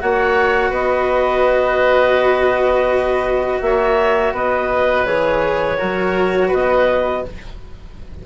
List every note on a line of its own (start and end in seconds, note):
0.00 0.71 A#3
0.00 5.06 F#4
0.00 0.70 C#5
0.00 0.73 F#5
0.70 3.60 B3
0.70 3.59 B4
0.70 3.61 D#5
3.61 4.33 A#3
3.61 4.34 C#5
3.61 4.34 E5
4.33 5.05 B3
4.33 5.78 B4
4.33 5.06 D#5
5.06 5.78 E3
5.06 5.78 G#4
5.06 6.50 C#5
5.78 6.53 F#3
5.78 7.22 F#4
5.78 6.48 A#4
6.48 7.26 B3
6.48 7.20 B4
6.48 7.26 D#5